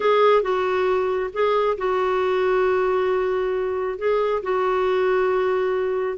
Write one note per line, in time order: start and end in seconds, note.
0.00 0.42 G#4
0.42 1.30 F#4
1.33 1.77 G#4
1.77 3.98 F#4
3.98 4.42 G#4
4.42 6.17 F#4